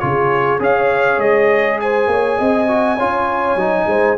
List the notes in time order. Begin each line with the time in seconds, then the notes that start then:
0.00 C#3 F4 G#4 C#5
0.59 C#4 G#4 C#5 F5
1.18 G#3 D#5
1.81 C5 G#5
2.08 A#3 C#5
2.38 C4 D#5
2.68 F#4
2.96 C#4 F4 C#5
3.56 F#3 D#4
3.87 G#3 C5